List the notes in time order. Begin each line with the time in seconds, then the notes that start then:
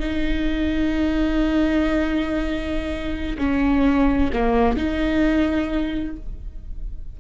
0.00 D#4
3.38 C#4
4.33 A#3
4.77 D#4